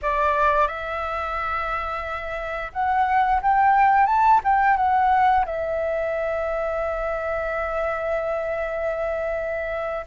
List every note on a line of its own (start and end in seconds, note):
0.02 0.67 D5
0.67 2.71 E5
2.73 3.41 F#5
3.42 4.06 G5
4.06 4.40 A5
4.44 4.76 G5
4.76 5.45 F#5
5.45 10.05 E5